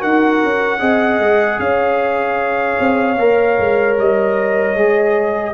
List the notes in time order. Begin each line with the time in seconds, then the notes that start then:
0.00 D#4 F#4 A#4 F#5
0.43 C#4
0.79 C4 G#4 D#5
1.19 G#3
1.59 C#4 C#5 F5
2.80 C4
3.19 A#3 A#4
3.59 G#3
3.99 G3 D#5
4.76 G#3 G#4